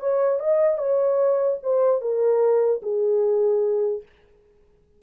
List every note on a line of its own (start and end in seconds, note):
0.00 0.39 C#5
0.39 0.78 D#5
0.78 1.58 C#5
1.63 2.01 C5
2.01 2.81 A#4
2.82 4.02 G#4